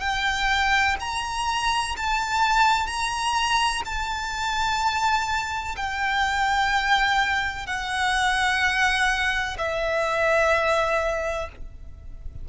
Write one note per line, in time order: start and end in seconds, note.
0.00 0.95 G5
1.00 1.95 A#5
1.96 2.86 A5
2.86 3.81 A#5
3.85 5.75 A5
5.76 7.66 G5
7.66 9.57 F#5
9.58 11.48 E5